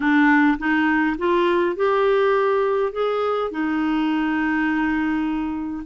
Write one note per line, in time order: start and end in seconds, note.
0.00 0.57 D4
0.58 1.16 D#4
1.18 1.76 F4
1.76 2.92 G4
2.92 3.50 G#4
3.50 5.83 D#4